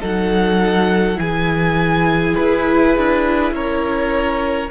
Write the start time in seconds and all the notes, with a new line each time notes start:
0.00 F#3 D#4 A4 F#5
1.15 E3 E4 G#4 G#5
2.35 E4 B4
2.97 D4
3.51 C#4 A#4 C#5